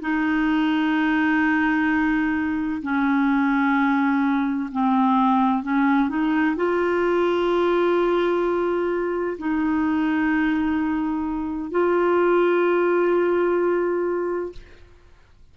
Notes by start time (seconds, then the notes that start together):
0.00 D#4
2.82 C#4
4.71 C4
5.62 C#4
6.09 D#4
6.56 F4
9.38 D#4
11.71 F4